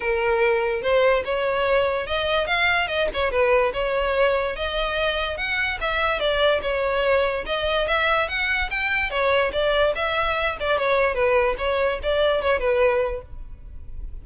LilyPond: \new Staff \with { instrumentName = "violin" } { \time 4/4 \tempo 4 = 145 ais'2 c''4 cis''4~ | cis''4 dis''4 f''4 dis''8 cis''8 | b'4 cis''2 dis''4~ | dis''4 fis''4 e''4 d''4 |
cis''2 dis''4 e''4 | fis''4 g''4 cis''4 d''4 | e''4. d''8 cis''4 b'4 | cis''4 d''4 cis''8 b'4. | }